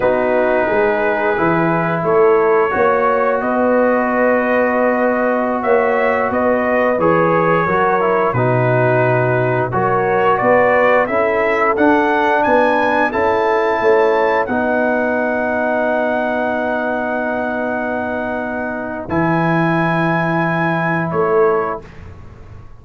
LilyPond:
<<
  \new Staff \with { instrumentName = "trumpet" } { \time 4/4 \tempo 4 = 88 b'2. cis''4~ | cis''4 dis''2.~ | dis''16 e''4 dis''4 cis''4.~ cis''16~ | cis''16 b'2 cis''4 d''8.~ |
d''16 e''4 fis''4 gis''4 a''8.~ | a''4~ a''16 fis''2~ fis''8.~ | fis''1 | gis''2. cis''4 | }
  \new Staff \with { instrumentName = "horn" } { \time 4/4 fis'4 gis'2 a'4 | cis''4 b'2.~ | b'16 cis''4 b'2 ais'8.~ | ais'16 fis'2 ais'4 b'8.~ |
b'16 a'2 b'4 a'8.~ | a'16 cis''4 b'2~ b'8.~ | b'1~ | b'2. a'4 | }
  \new Staff \with { instrumentName = "trombone" } { \time 4/4 dis'2 e'2 | fis'1~ | fis'2~ fis'16 gis'4 fis'8 e'16~ | e'16 dis'2 fis'4.~ fis'16~ |
fis'16 e'4 d'2 e'8.~ | e'4~ e'16 dis'2~ dis'8.~ | dis'1 | e'1 | }
  \new Staff \with { instrumentName = "tuba" } { \time 4/4 b4 gis4 e4 a4 | ais4 b2.~ | b16 ais4 b4 e4 fis8.~ | fis16 b,2 fis4 b8.~ |
b16 cis'4 d'4 b4 cis'8.~ | cis'16 a4 b2~ b8.~ | b1 | e2. a4 | }
>>